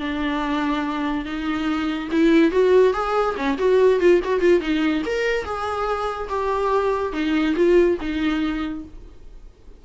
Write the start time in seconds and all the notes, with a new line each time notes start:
0.00 D4
1.25 D#4
2.12 E4
2.52 F#4
2.94 G#4
3.37 C#4
3.59 F#4
4.00 F4
4.25 F#4
4.41 F4
4.61 D#4
5.06 A#4
5.45 G#4
6.29 G4
7.13 D#4
7.56 F4
8.01 D#4